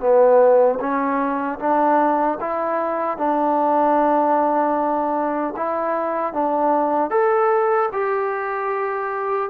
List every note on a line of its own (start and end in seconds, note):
0.00 0.79 B3
0.80 1.59 C#4
1.59 2.38 D4
2.40 3.18 E4
3.18 5.54 D4
5.57 6.33 E4
6.33 7.10 D4
7.10 7.89 A4
7.92 9.50 G4